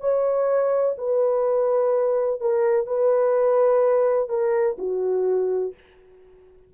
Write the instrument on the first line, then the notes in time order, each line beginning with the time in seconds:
horn
0.00 C#5
0.98 B4
2.41 A#4
2.87 B4
4.29 A#4
4.78 F#4